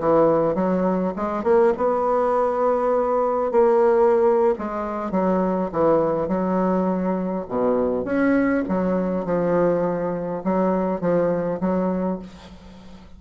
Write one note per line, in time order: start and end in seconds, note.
0.00 0.55 E3
0.55 1.14 F#3
1.16 1.44 G#3
1.44 1.73 A#3
1.77 3.52 B3
3.52 4.55 A#3
4.58 5.11 G#3
5.11 5.70 F#3
5.72 6.28 E3
6.28 7.45 F#3
7.48 8.05 B2
8.05 8.64 C#4
8.68 9.25 F#3
9.25 10.43 F3
10.44 11.01 F#3
11.01 11.59 F3
11.60 12.19 F#3